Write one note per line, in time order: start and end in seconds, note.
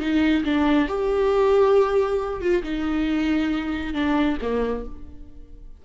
0.00 0.44 D#4
0.44 0.88 D4
0.88 2.41 G4
2.41 2.63 F4
2.63 3.94 D#4
3.94 4.38 D4
4.41 4.85 A#3